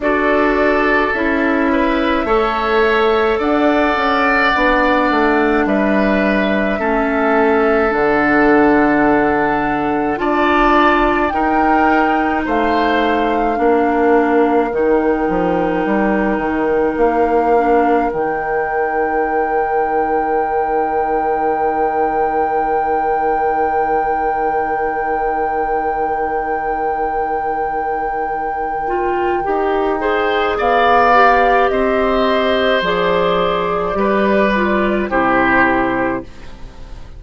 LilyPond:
<<
  \new Staff \with { instrumentName = "flute" } { \time 4/4 \tempo 4 = 53 d''4 e''2 fis''4~ | fis''4 e''2 fis''4~ | fis''4 a''4 g''4 f''4~ | f''4 g''2 f''4 |
g''1~ | g''1~ | g''2. f''4 | dis''4 d''2 c''4 | }
  \new Staff \with { instrumentName = "oboe" } { \time 4/4 a'4. b'8 cis''4 d''4~ | d''4 b'4 a'2~ | a'4 d''4 ais'4 c''4 | ais'1~ |
ais'1~ | ais'1~ | ais'2~ ais'8 c''8 d''4 | c''2 b'4 g'4 | }
  \new Staff \with { instrumentName = "clarinet" } { \time 4/4 fis'4 e'4 a'2 | d'2 cis'4 d'4~ | d'4 f'4 dis'2 | d'4 dis'2~ dis'8 d'8 |
dis'1~ | dis'1~ | dis'4. f'8 g'8 gis'4 g'8~ | g'4 gis'4 g'8 f'8 e'4 | }
  \new Staff \with { instrumentName = "bassoon" } { \time 4/4 d'4 cis'4 a4 d'8 cis'8 | b8 a8 g4 a4 d4~ | d4 d'4 dis'4 a4 | ais4 dis8 f8 g8 dis8 ais4 |
dis1~ | dis1~ | dis2 dis'4 b4 | c'4 f4 g4 c4 | }
>>